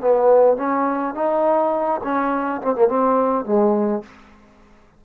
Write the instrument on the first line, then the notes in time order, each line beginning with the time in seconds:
trombone
0.00 B3
0.56 C#4
1.14 D#4
2.03 C#4
2.61 C4
2.75 A#3
2.87 C4
3.45 G#3